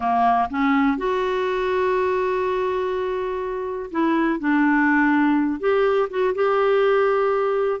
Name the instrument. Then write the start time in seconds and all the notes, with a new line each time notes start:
clarinet
0.00 A#3
0.50 C#4
0.97 F#4
3.91 E4
4.39 D4
5.59 G4
6.10 F#4
6.34 G4